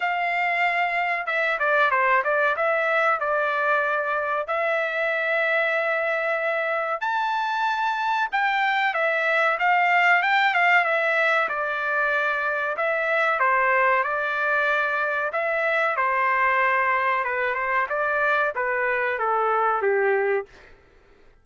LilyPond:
\new Staff \with { instrumentName = "trumpet" } { \time 4/4 \tempo 4 = 94 f''2 e''8 d''8 c''8 d''8 | e''4 d''2 e''4~ | e''2. a''4~ | a''4 g''4 e''4 f''4 |
g''8 f''8 e''4 d''2 | e''4 c''4 d''2 | e''4 c''2 b'8 c''8 | d''4 b'4 a'4 g'4 | }